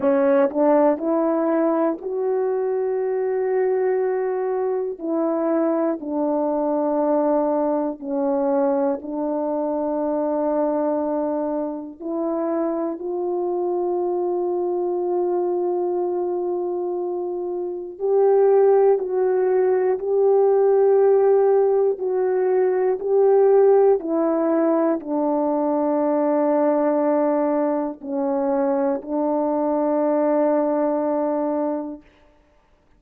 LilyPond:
\new Staff \with { instrumentName = "horn" } { \time 4/4 \tempo 4 = 60 cis'8 d'8 e'4 fis'2~ | fis'4 e'4 d'2 | cis'4 d'2. | e'4 f'2.~ |
f'2 g'4 fis'4 | g'2 fis'4 g'4 | e'4 d'2. | cis'4 d'2. | }